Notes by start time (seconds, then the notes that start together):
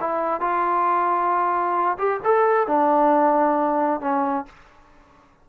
0.00 E4
0.40 F4
1.98 G4
2.24 A4
2.67 D4
4.00 C#4